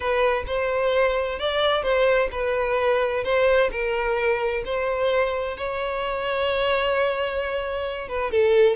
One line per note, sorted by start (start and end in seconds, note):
0.00 0.44 B4
0.47 1.39 C5
1.39 1.82 D5
1.82 2.28 C5
2.31 3.23 B4
3.24 3.70 C5
3.71 4.63 A#4
4.65 5.57 C5
5.57 8.08 C#5
8.08 8.31 B4
8.31 8.75 A4